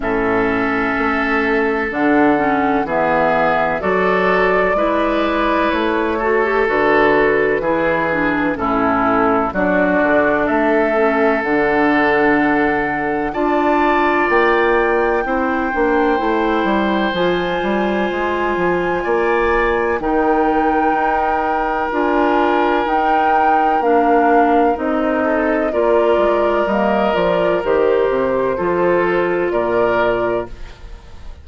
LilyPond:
<<
  \new Staff \with { instrumentName = "flute" } { \time 4/4 \tempo 4 = 63 e''2 fis''4 e''4 | d''2 cis''4 b'4~ | b'4 a'4 d''4 e''4 | fis''2 a''4 g''4~ |
g''2 gis''2~ | gis''4 g''2 gis''4 | g''4 f''4 dis''4 d''4 | dis''8 d''8 c''2 d''4 | }
  \new Staff \with { instrumentName = "oboe" } { \time 4/4 a'2. gis'4 | a'4 b'4. a'4. | gis'4 e'4 fis'4 a'4~ | a'2 d''2 |
c''1 | d''4 ais'2.~ | ais'2~ ais'8 a'8 ais'4~ | ais'2 a'4 ais'4 | }
  \new Staff \with { instrumentName = "clarinet" } { \time 4/4 cis'2 d'8 cis'8 b4 | fis'4 e'4. fis'16 g'16 fis'4 | e'8 d'8 cis'4 d'4. cis'8 | d'2 f'2 |
e'8 d'8 e'4 f'2~ | f'4 dis'2 f'4 | dis'4 d'4 dis'4 f'4 | ais8 f'8 g'4 f'2 | }
  \new Staff \with { instrumentName = "bassoon" } { \time 4/4 a,4 a4 d4 e4 | fis4 gis4 a4 d4 | e4 a,4 fis8 d8 a4 | d2 d'4 ais4 |
c'8 ais8 a8 g8 f8 g8 gis8 f8 | ais4 dis4 dis'4 d'4 | dis'4 ais4 c'4 ais8 gis8 | g8 f8 dis8 c8 f4 ais,4 | }
>>